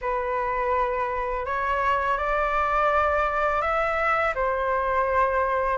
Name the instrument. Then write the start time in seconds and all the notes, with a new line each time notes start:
flute
0.01 B4
1.45 C#5
2.17 D5
3.61 E5
4.34 C5